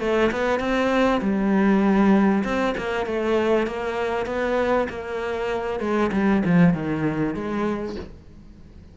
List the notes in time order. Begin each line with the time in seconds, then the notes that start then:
0.00 A3
0.31 B3
0.59 C4
1.21 G3
2.44 C4
2.77 A#3
3.06 A3
3.67 A#3
4.26 B3
4.89 A#3
5.80 G#3
6.12 G3
6.45 F3
6.73 D#3
7.34 G#3